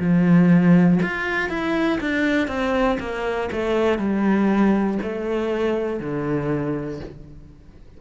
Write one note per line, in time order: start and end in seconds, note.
0.00 1.00 F3
1.03 1.50 F4
1.50 2.00 E4
2.01 2.48 D4
2.48 2.98 C4
3.00 3.50 A#3
3.53 3.99 A3
3.99 4.99 G3
5.03 6.00 A3
6.00 7.00 D3